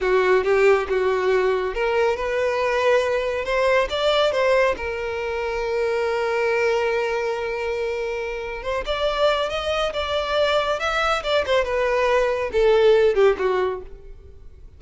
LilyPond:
\new Staff \with { instrumentName = "violin" } { \time 4/4 \tempo 4 = 139 fis'4 g'4 fis'2 | ais'4 b'2. | c''4 d''4 c''4 ais'4~ | ais'1~ |
ais'1 | c''8 d''4. dis''4 d''4~ | d''4 e''4 d''8 c''8 b'4~ | b'4 a'4. g'8 fis'4 | }